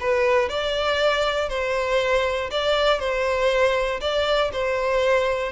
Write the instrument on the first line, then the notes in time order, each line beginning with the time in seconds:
violin
0.00 B4
0.49 D5
1.49 C5
2.50 D5
3.00 C5
4.01 D5
4.52 C5